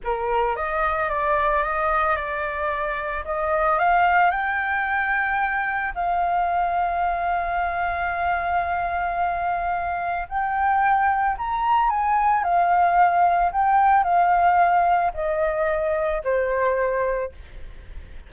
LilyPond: \new Staff \with { instrumentName = "flute" } { \time 4/4 \tempo 4 = 111 ais'4 dis''4 d''4 dis''4 | d''2 dis''4 f''4 | g''2. f''4~ | f''1~ |
f''2. g''4~ | g''4 ais''4 gis''4 f''4~ | f''4 g''4 f''2 | dis''2 c''2 | }